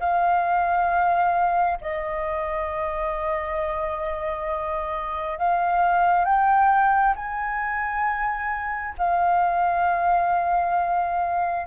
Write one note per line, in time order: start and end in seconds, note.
0.00 1.79 F5
1.82 5.39 D#5
5.39 6.25 F5
6.25 7.15 G5
7.16 8.95 G#5
8.99 11.67 F5